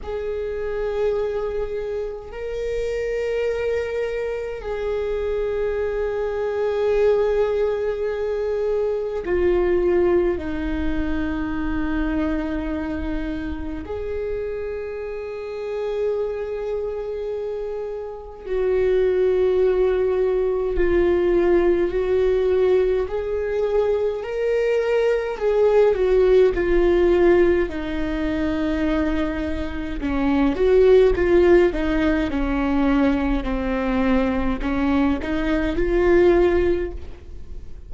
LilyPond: \new Staff \with { instrumentName = "viola" } { \time 4/4 \tempo 4 = 52 gis'2 ais'2 | gis'1 | f'4 dis'2. | gis'1 |
fis'2 f'4 fis'4 | gis'4 ais'4 gis'8 fis'8 f'4 | dis'2 cis'8 fis'8 f'8 dis'8 | cis'4 c'4 cis'8 dis'8 f'4 | }